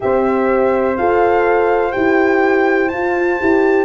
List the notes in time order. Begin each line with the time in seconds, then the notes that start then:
0.00 C4 G4 C5 E5
0.97 F4 A4 F5
1.92 E4 G4 G5
2.88 F4 A5
3.39 E4 G4